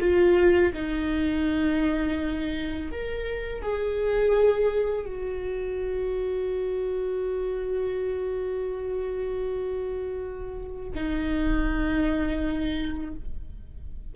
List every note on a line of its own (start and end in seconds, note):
0.00 0.73 F4
0.74 2.92 D#4
2.92 3.62 A#4
3.62 5.06 G#4
5.06 10.91 F#4
10.95 13.15 D#4